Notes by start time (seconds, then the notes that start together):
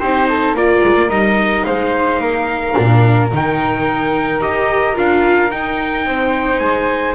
0.00 C4 D#4 G4 C5
0.30 A4
0.54 A#3 F4 A#4 D5
0.83 G#3
0.96 A#3
1.09 G3 D#4 D#5
1.65 G#3 C5 F5
2.19 A#3 A#4
2.74 A#2 D4
3.33 D#3 D#4 G5
4.40 D#4 G4 D#5
4.94 D4 F4 F5
5.51 D#4 G5
6.06 C4 C5
6.59 G#3 G#5